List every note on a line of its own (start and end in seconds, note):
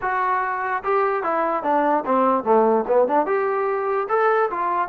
0.01 0.83 F#4
0.83 1.23 G4
1.23 1.63 E4
1.63 2.04 D4
2.05 2.44 C4
2.44 2.84 A3
2.87 3.07 B3
3.07 3.26 D4
3.26 4.07 G4
4.08 4.49 A4
4.50 4.88 F4